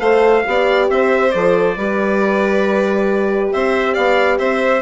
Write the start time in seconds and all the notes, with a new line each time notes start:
0.00 A3 A4 C5 F5
0.45 B3 G4 D5
0.90 C4 C5 E5
1.32 F3 A4 D5
1.77 G3 G4 B4
3.53 C4 C5 E5
3.94 B3 D5 F5
4.39 C4 C5 E5